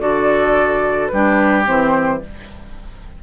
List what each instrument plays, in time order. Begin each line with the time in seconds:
0.00 bassoon D3, clarinet F#4, oboe A4, flute D5
1.08 bassoon G3, clarinet D4, oboe G4, flute B4
1.65 bassoon E3, clarinet C4, flute C5